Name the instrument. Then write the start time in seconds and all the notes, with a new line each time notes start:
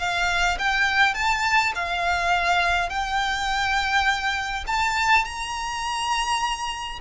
violin
0.00 F5
0.59 G5
1.15 A5
1.75 F5
2.90 G5
4.68 A5
5.25 A#5